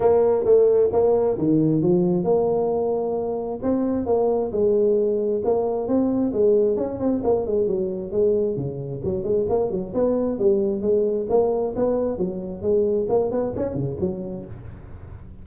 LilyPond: \new Staff \with { instrumentName = "tuba" } { \time 4/4 \tempo 4 = 133 ais4 a4 ais4 dis4 | f4 ais2. | c'4 ais4 gis2 | ais4 c'4 gis4 cis'8 c'8 |
ais8 gis8 fis4 gis4 cis4 | fis8 gis8 ais8 fis8 b4 g4 | gis4 ais4 b4 fis4 | gis4 ais8 b8 cis'8 cis8 fis4 | }